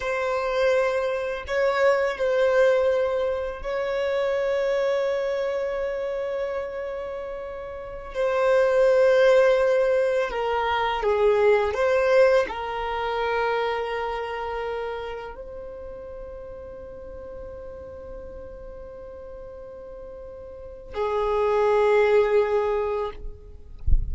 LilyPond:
\new Staff \with { instrumentName = "violin" } { \time 4/4 \tempo 4 = 83 c''2 cis''4 c''4~ | c''4 cis''2.~ | cis''2.~ cis''16 c''8.~ | c''2~ c''16 ais'4 gis'8.~ |
gis'16 c''4 ais'2~ ais'8.~ | ais'4~ ais'16 c''2~ c''8.~ | c''1~ | c''4 gis'2. | }